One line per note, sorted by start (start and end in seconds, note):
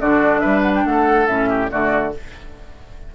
0.00 0.43 D3
0.00 1.27 D4
0.00 0.41 F#4
0.00 0.39 D5
0.39 0.85 G3
0.39 0.83 B4
0.39 0.60 E5
0.61 0.72 F#5
0.75 0.85 G5
0.85 1.27 A3
0.85 1.49 A4
0.85 1.27 F#5
1.27 1.69 A2
1.27 1.69 C#4
1.27 1.69 E5
1.49 1.70 G4
1.69 2.15 D3
1.69 2.11 A3
1.69 2.13 F#4
1.69 2.14 D5